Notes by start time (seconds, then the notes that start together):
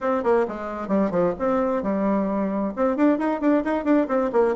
0.01 C4
0.23 A#3
0.48 G#3
0.88 G3
1.10 F3
1.38 C4
1.82 G3
2.76 C4
2.96 D4
3.18 D#4
3.40 D4
3.64 D#4
3.84 D4
4.08 C4
4.32 A#3